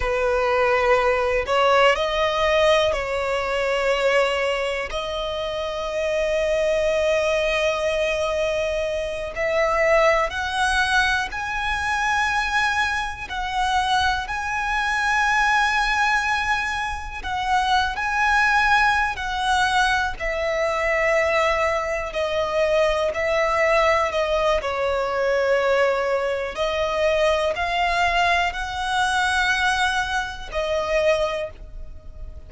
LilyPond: \new Staff \with { instrumentName = "violin" } { \time 4/4 \tempo 4 = 61 b'4. cis''8 dis''4 cis''4~ | cis''4 dis''2.~ | dis''4. e''4 fis''4 gis''8~ | gis''4. fis''4 gis''4.~ |
gis''4. fis''8. gis''4~ gis''16 fis''8~ | fis''8 e''2 dis''4 e''8~ | e''8 dis''8 cis''2 dis''4 | f''4 fis''2 dis''4 | }